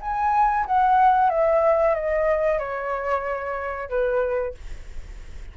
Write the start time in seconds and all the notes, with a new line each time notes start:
0.00 G#5
0.66 F#5
1.29 E5
1.94 D#5
2.58 C#5
3.89 B4